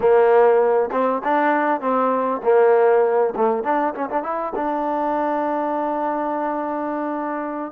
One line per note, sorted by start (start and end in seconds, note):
0.00 0.90 A#3
0.91 1.21 C4
1.24 1.80 D4
1.80 2.41 C4
2.43 3.34 A#3
3.36 3.63 A3
3.63 3.94 D4
3.94 4.09 C#4
4.09 4.23 D4
4.23 4.53 E4
4.55 7.72 D4